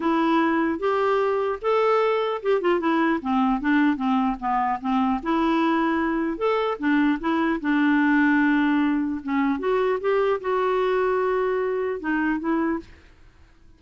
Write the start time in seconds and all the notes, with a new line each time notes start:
0.00 E4
0.79 G4
1.61 A4
2.42 G4
2.61 F4
2.80 E4
3.21 C4
3.61 D4
3.96 C4
4.39 B3
4.80 C4
5.22 E4
6.37 A4
6.78 D4
7.19 E4
7.61 D4
9.23 C#4
9.59 F#4
10.00 G4
10.41 F#4
12.00 D#4
12.39 E4